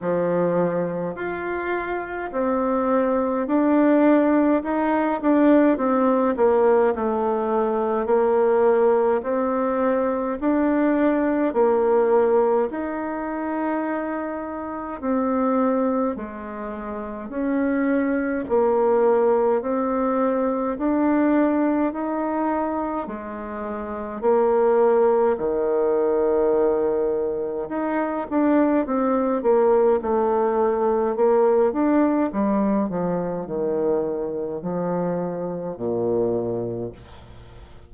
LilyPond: \new Staff \with { instrumentName = "bassoon" } { \time 4/4 \tempo 4 = 52 f4 f'4 c'4 d'4 | dis'8 d'8 c'8 ais8 a4 ais4 | c'4 d'4 ais4 dis'4~ | dis'4 c'4 gis4 cis'4 |
ais4 c'4 d'4 dis'4 | gis4 ais4 dis2 | dis'8 d'8 c'8 ais8 a4 ais8 d'8 | g8 f8 dis4 f4 ais,4 | }